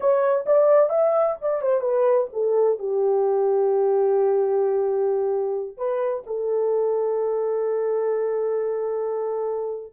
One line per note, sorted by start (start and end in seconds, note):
0.00 0.45 C#5
0.46 0.89 D5
0.89 1.35 E5
1.41 1.61 D5
1.61 1.80 C5
1.80 2.27 B4
2.32 2.78 A4
2.78 5.77 G4
5.77 6.23 B4
6.26 9.93 A4